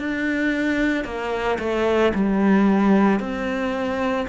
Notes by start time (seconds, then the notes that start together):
0.00 D4
1.05 A#3
1.59 A3
2.15 G3
3.20 C4